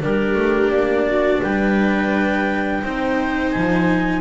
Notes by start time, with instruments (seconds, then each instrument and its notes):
0.00 double bass G3, cello D4, viola G4, clarinet A#4
0.34 double bass A3
0.69 double bass A#3, clarinet D5
1.07 viola F#4
1.42 double bass G3, viola B4, clarinet G5
2.83 double bass C4, cello D#4, viola C5
3.50 double bass F3, clarinet G#5